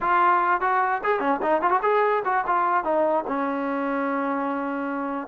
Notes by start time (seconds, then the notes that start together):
0.00 F4
0.60 F#4
1.03 G#4
1.19 C#4
1.42 D#4
1.61 F4
1.70 F#4
1.82 G#4
2.24 F#4
2.46 F4
2.84 D#4
3.27 C#4